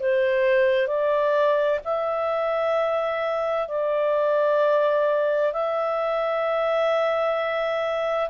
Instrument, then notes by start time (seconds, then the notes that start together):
clarinet
0.00 C5
0.88 D5
1.85 E5
3.68 D5
5.53 E5